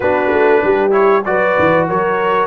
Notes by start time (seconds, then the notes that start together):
0.00 B3 D4 F#4 B4
0.32 A3
0.63 G3 G4
0.90 E4 C#5
1.24 F#3 F#4 B4 D5
1.59 E3
1.88 F#3 A#4 C#5